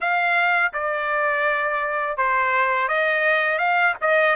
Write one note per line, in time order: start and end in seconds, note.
0.00 0.73 F5
0.73 2.17 D5
2.17 2.88 C5
2.88 3.58 D#5
3.58 3.94 F5
4.01 4.35 D#5